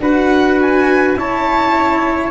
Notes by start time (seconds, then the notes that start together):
0.00 D4 F#4 B4 F#5
0.62 G#5
1.16 C#4 E4 C#5 A5